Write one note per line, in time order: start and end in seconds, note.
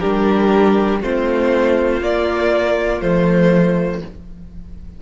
0.00 1.02 G3
0.00 1.01 D4
0.00 1.00 G4
0.00 1.00 A#4
1.01 2.01 A3
1.01 2.01 C4
1.01 4.01 F4
1.01 2.03 C5
2.01 3.01 A#3
2.01 3.02 A#3
2.01 3.01 D5
3.01 4.01 F3
3.01 4.02 A3
3.01 4.01 C5